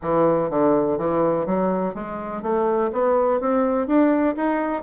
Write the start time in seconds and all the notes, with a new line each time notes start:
0.02 E3
0.50 D3
0.97 E3
1.46 F#3
1.94 G#3
2.42 A3
2.92 B3
3.40 C4
3.87 D4
4.35 D#4